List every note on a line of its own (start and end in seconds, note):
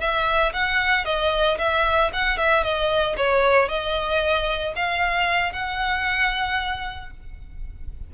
0.00 0.53 E5
0.53 1.05 F#5
1.05 1.57 D#5
1.58 2.11 E5
2.13 2.37 F#5
2.37 2.63 E5
2.63 3.16 D#5
3.17 3.68 C#5
3.68 4.74 D#5
4.76 5.52 F5
5.52 7.10 F#5